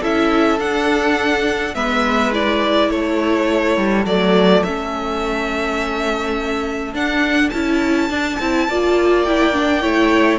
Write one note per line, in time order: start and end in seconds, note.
0.00 0.59 C#4
0.00 0.59 E4
0.00 1.73 A4
0.00 0.59 E5
0.59 1.75 D4
0.59 1.74 F#5
1.74 2.90 G#3
1.74 2.32 B3
1.74 2.89 B4
1.74 2.32 E5
2.32 4.05 E4
2.32 2.90 D5
2.89 3.77 A3
2.89 8.66 A4
2.89 4.05 C#5
3.77 4.05 G3
4.05 4.62 F#3
4.05 4.65 A3
4.05 4.63 D5
4.63 6.94 A3
4.63 6.94 C#4
4.63 6.94 E5
6.94 7.51 D4
6.94 7.52 D4
6.94 7.49 F#5
7.49 8.09 C#4
7.49 8.10 E4
7.49 9.22 A5
8.09 8.38 D4
8.39 8.68 C4
8.39 8.70 E4
8.68 9.83 A#3
8.68 9.27 F4
8.68 9.82 D5
9.23 9.53 E4
9.23 10.39 G5
9.53 9.81 D4
9.81 10.39 A3
9.81 10.39 E4
9.81 10.39 C#5